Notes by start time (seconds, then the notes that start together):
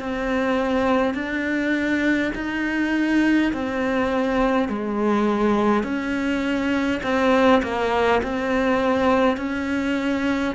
0.00 C4
1.14 D4
2.35 D#4
3.53 C4
4.68 G#3
5.83 C#4
7.03 C4
7.63 A#3
8.23 C4
9.37 C#4